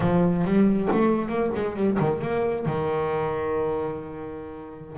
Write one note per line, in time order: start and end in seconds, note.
0.00 0.44 F3
0.44 0.88 G3
0.91 1.28 A3
1.28 1.50 A#3
1.55 1.76 G#3
1.76 1.98 G3
1.99 2.21 D#3
2.21 2.65 A#3
2.65 4.97 D#3